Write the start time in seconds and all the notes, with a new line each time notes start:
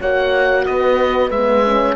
0.00 A#3 F#4 C#5 F#5
0.66 B3 B4 D#5
1.30 G#3 E5
1.37 B3
1.65 C#4